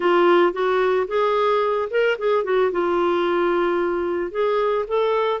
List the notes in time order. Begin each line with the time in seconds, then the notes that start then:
0.00 F4
0.52 F#4
1.07 G#4
1.90 A#4
2.18 G#4
2.44 F#4
2.71 F4
4.31 G#4
4.87 A4